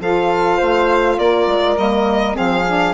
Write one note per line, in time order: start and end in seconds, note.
0.00 0.59 F3
0.00 1.76 F4
0.00 0.57 A4
0.00 1.19 F5
0.57 1.18 A3
0.57 1.15 C5
1.18 1.47 A#3
1.18 2.35 A#4
1.18 1.77 D5
1.47 1.76 G#3
1.76 2.36 G3
1.76 2.34 A#3
1.76 2.36 D#5
2.34 2.94 F3
2.34 2.63 C4
2.34 2.94 G#4
2.34 2.94 F5
2.67 2.94 D4